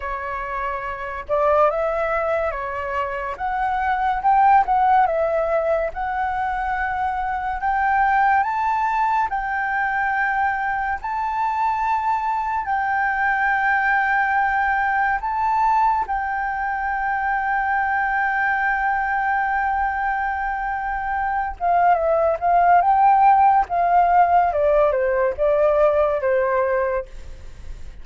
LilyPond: \new Staff \with { instrumentName = "flute" } { \time 4/4 \tempo 4 = 71 cis''4. d''8 e''4 cis''4 | fis''4 g''8 fis''8 e''4 fis''4~ | fis''4 g''4 a''4 g''4~ | g''4 a''2 g''4~ |
g''2 a''4 g''4~ | g''1~ | g''4. f''8 e''8 f''8 g''4 | f''4 d''8 c''8 d''4 c''4 | }